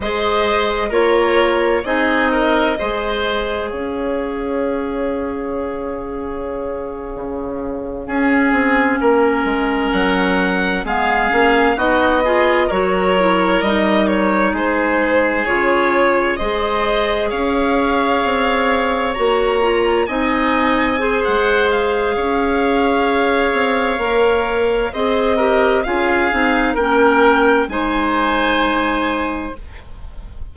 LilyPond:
<<
  \new Staff \with { instrumentName = "violin" } { \time 4/4 \tempo 4 = 65 dis''4 cis''4 dis''2 | f''1~ | f''2~ f''8. fis''4 f''16~ | f''8. dis''4 cis''4 dis''8 cis''8 c''16~ |
c''8. cis''4 dis''4 f''4~ f''16~ | f''8. ais''4 gis''4~ gis''16 fis''8 f''8~ | f''2. dis''4 | f''4 g''4 gis''2 | }
  \new Staff \with { instrumentName = "oboe" } { \time 4/4 c''4 ais'4 gis'8 ais'8 c''4 | cis''1~ | cis''8. gis'4 ais'2 gis'16~ | gis'8. fis'8 gis'8 ais'2 gis'16~ |
gis'4.~ gis'16 c''4 cis''4~ cis''16~ | cis''4.~ cis''16 dis''4 c''4~ c''16 | cis''2. c''8 ais'8 | gis'4 ais'4 c''2 | }
  \new Staff \with { instrumentName = "clarinet" } { \time 4/4 gis'4 f'4 dis'4 gis'4~ | gis'1~ | gis'8. cis'2. b16~ | b16 cis'8 dis'8 f'8 fis'8 e'8 dis'4~ dis'16~ |
dis'8. f'4 gis'2~ gis'16~ | gis'8. fis'8 f'8 dis'4 gis'4~ gis'16~ | gis'2 ais'4 gis'8 g'8 | f'8 dis'8 cis'4 dis'2 | }
  \new Staff \with { instrumentName = "bassoon" } { \time 4/4 gis4 ais4 c'4 gis4 | cis'2.~ cis'8. cis16~ | cis8. cis'8 c'8 ais8 gis8 fis4 gis16~ | gis16 ais8 b4 fis4 g4 gis16~ |
gis8. cis4 gis4 cis'4 c'16~ | c'8. ais4 c'4~ c'16 gis4 | cis'4. c'8 ais4 c'4 | cis'8 c'8 ais4 gis2 | }
>>